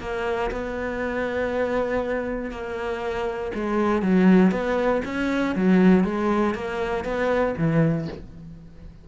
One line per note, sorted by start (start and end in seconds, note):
0.00 0.50 A#3
0.51 2.51 B3
2.51 3.52 A#3
3.55 4.02 G#3
4.02 4.51 F#3
4.51 5.02 B3
5.05 5.55 C#4
5.55 6.04 F#3
6.04 6.55 G#3
6.55 7.05 A#3
7.05 7.55 B3
7.57 8.08 E3